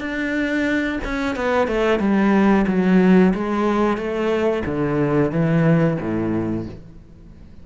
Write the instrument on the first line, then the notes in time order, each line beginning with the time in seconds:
cello
0.00 D4
1.04 C#4
1.36 B3
1.67 A3
1.99 G3
2.68 F#3
3.34 G#3
3.97 A3
4.65 D3
5.31 E3
6.00 A2